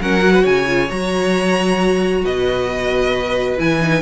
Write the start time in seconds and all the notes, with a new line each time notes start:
0.00 F#3 C#4 A#4 F#5
0.20 F#4
0.33 B4
0.42 C#3 C#5 G#5
0.66 F4
0.89 F#3 F#4 A#5
2.24 B2 B4 D#5
3.57 E3 E4 G#5
3.81 D#4